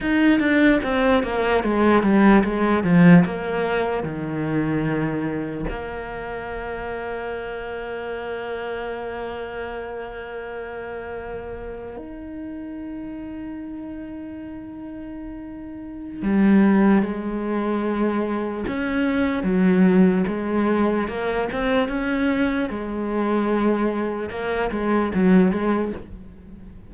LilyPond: \new Staff \with { instrumentName = "cello" } { \time 4/4 \tempo 4 = 74 dis'8 d'8 c'8 ais8 gis8 g8 gis8 f8 | ais4 dis2 ais4~ | ais1~ | ais2~ ais8. dis'4~ dis'16~ |
dis'1 | g4 gis2 cis'4 | fis4 gis4 ais8 c'8 cis'4 | gis2 ais8 gis8 fis8 gis8 | }